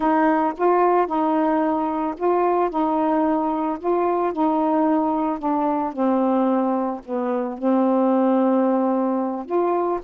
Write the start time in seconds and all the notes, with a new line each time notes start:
0.00 D#4
0.57 F4
1.06 D#4
2.17 F4
2.70 D#4
3.79 F4
4.32 D#4
5.38 D4
5.92 C4
7.05 B3
7.57 C4
9.45 F4